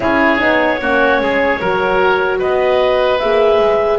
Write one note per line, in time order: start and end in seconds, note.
0.00 0.40 C#4
0.00 0.38 E4
0.00 0.81 G#4
0.00 2.40 C#5
0.38 0.80 B3
0.38 0.78 D#4
0.80 1.20 A#3
0.80 1.62 C#4
0.80 1.21 F#4
1.20 1.60 G#3
1.20 1.60 G#4
1.60 2.42 F#3
1.60 3.21 F#4
1.60 2.39 A#4
2.39 3.22 B3
2.39 3.99 B4
2.39 3.18 D#5
3.18 3.59 A#3
3.18 3.99 G#4
3.18 3.98 E5
3.59 3.99 G#3